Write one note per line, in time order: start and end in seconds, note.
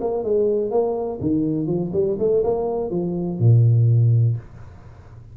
0.00 0.24 A#3
0.24 0.71 G#3
0.71 1.20 A#3
1.21 1.67 D#3
1.67 1.91 F3
1.93 2.17 G3
2.19 2.43 A3
2.44 2.91 A#3
2.91 3.39 F3
3.39 4.37 A#2